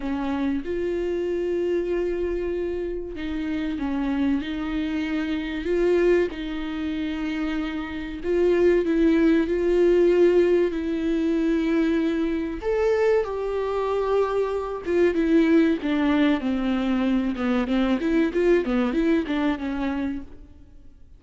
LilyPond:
\new Staff \with { instrumentName = "viola" } { \time 4/4 \tempo 4 = 95 cis'4 f'2.~ | f'4 dis'4 cis'4 dis'4~ | dis'4 f'4 dis'2~ | dis'4 f'4 e'4 f'4~ |
f'4 e'2. | a'4 g'2~ g'8 f'8 | e'4 d'4 c'4. b8 | c'8 e'8 f'8 b8 e'8 d'8 cis'4 | }